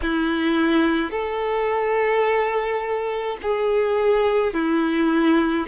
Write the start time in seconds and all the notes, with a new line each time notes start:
0.02 E4
1.10 A4
3.42 G#4
4.53 E4